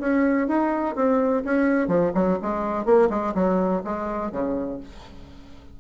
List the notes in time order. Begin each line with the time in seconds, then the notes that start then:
0.00 C#4
0.48 D#4
0.96 C4
1.45 C#4
1.88 F3
2.15 F#3
2.42 G#3
2.86 A#3
3.10 G#3
3.35 F#3
3.85 G#3
4.32 C#3